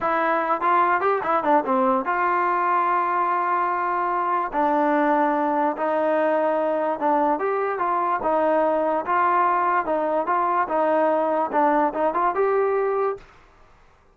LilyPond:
\new Staff \with { instrumentName = "trombone" } { \time 4/4 \tempo 4 = 146 e'4. f'4 g'8 e'8 d'8 | c'4 f'2.~ | f'2. d'4~ | d'2 dis'2~ |
dis'4 d'4 g'4 f'4 | dis'2 f'2 | dis'4 f'4 dis'2 | d'4 dis'8 f'8 g'2 | }